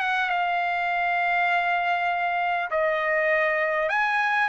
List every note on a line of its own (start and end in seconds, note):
0.00 0.29 F#5
0.29 2.69 F5
2.71 3.89 D#5
3.89 4.49 G#5